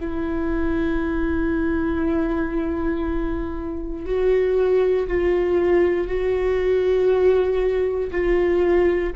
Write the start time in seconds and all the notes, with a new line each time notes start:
0.00 E4
4.05 F#4
5.08 F4
6.07 F#4
8.11 F4